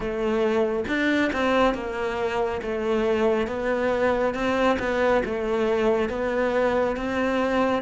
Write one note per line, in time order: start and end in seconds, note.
0.00 0.84 A3
0.87 1.31 D4
1.32 1.74 C4
1.74 2.61 A#3
2.62 3.47 A3
3.47 4.34 B3
4.34 4.77 C4
4.79 5.22 B3
5.25 6.09 A3
6.09 6.96 B3
6.96 7.82 C4